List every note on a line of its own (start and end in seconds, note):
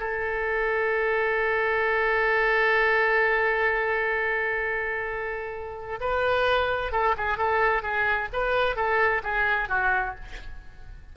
0.00 6.00 A4
6.01 6.92 B4
6.92 7.15 A4
7.18 7.38 G#4
7.38 7.83 A4
7.83 8.29 G#4
8.33 8.76 B4
8.76 9.22 A4
9.23 9.69 G#4
9.69 10.15 F#4